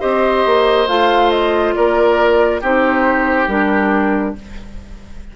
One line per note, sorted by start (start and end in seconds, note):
0.00 0.46 C4
0.00 0.87 G4
0.00 1.74 C5
0.00 0.88 D#5
0.46 0.88 A#3
0.88 1.75 A3
0.88 2.62 F4
0.88 1.31 F5
1.31 1.74 D#5
1.75 2.62 A#3
1.75 2.61 A#4
1.75 2.62 D5
2.61 3.47 C4
2.61 3.49 D#4
2.61 4.35 G4
2.61 3.49 C5
3.47 4.34 G3
3.47 4.36 D4
3.47 4.36 A#4